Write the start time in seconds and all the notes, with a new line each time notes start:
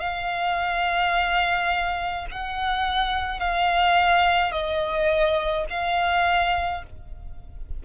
0.00 F5
2.31 F#5
3.40 F5
4.52 D#5
5.70 F5